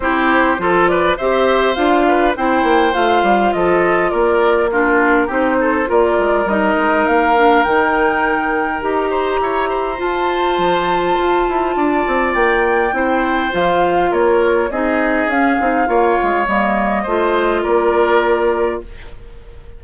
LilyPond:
<<
  \new Staff \with { instrumentName = "flute" } { \time 4/4 \tempo 4 = 102 c''4. d''8 e''4 f''4 | g''4 f''4 dis''4 d''4 | ais'4 c''4 d''4 dis''4 | f''4 g''2 ais''4~ |
ais''4 a''2.~ | a''4 g''2 f''4 | cis''4 dis''4 f''2 | dis''2 d''2 | }
  \new Staff \with { instrumentName = "oboe" } { \time 4/4 g'4 a'8 b'8 c''4. b'8 | c''2 a'4 ais'4 | f'4 g'8 a'8 ais'2~ | ais'2.~ ais'8 c''8 |
cis''8 c''2.~ c''8 | d''2 c''2 | ais'4 gis'2 cis''4~ | cis''4 c''4 ais'2 | }
  \new Staff \with { instrumentName = "clarinet" } { \time 4/4 e'4 f'4 g'4 f'4 | e'4 f'2. | d'4 dis'4 f'4 dis'4~ | dis'8 d'8 dis'2 g'4~ |
g'4 f'2.~ | f'2 e'4 f'4~ | f'4 dis'4 cis'8 dis'8 f'4 | ais4 f'2. | }
  \new Staff \with { instrumentName = "bassoon" } { \time 4/4 c'4 f4 c'4 d'4 | c'8 ais8 a8 g8 f4 ais4~ | ais4 c'4 ais8 gis8 g8 gis8 | ais4 dis2 dis'4 |
e'4 f'4 f4 f'8 e'8 | d'8 c'8 ais4 c'4 f4 | ais4 c'4 cis'8 c'8 ais8 gis8 | g4 a4 ais2 | }
>>